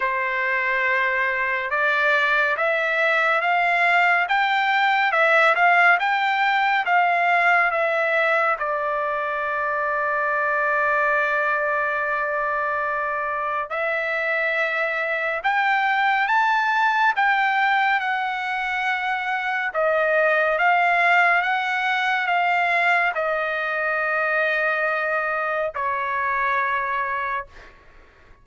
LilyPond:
\new Staff \with { instrumentName = "trumpet" } { \time 4/4 \tempo 4 = 70 c''2 d''4 e''4 | f''4 g''4 e''8 f''8 g''4 | f''4 e''4 d''2~ | d''1 |
e''2 g''4 a''4 | g''4 fis''2 dis''4 | f''4 fis''4 f''4 dis''4~ | dis''2 cis''2 | }